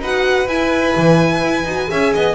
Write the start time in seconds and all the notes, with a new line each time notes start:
0.00 D#4 F#4 B4 F#5
0.47 E4 G#5
0.97 E3
1.44 E4
1.65 D#4 F#4
1.89 C#4 G#4 E5
2.15 B3 D#5